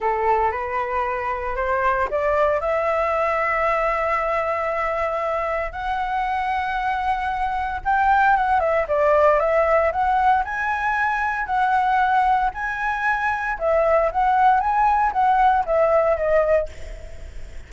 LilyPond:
\new Staff \with { instrumentName = "flute" } { \time 4/4 \tempo 4 = 115 a'4 b'2 c''4 | d''4 e''2.~ | e''2. fis''4~ | fis''2. g''4 |
fis''8 e''8 d''4 e''4 fis''4 | gis''2 fis''2 | gis''2 e''4 fis''4 | gis''4 fis''4 e''4 dis''4 | }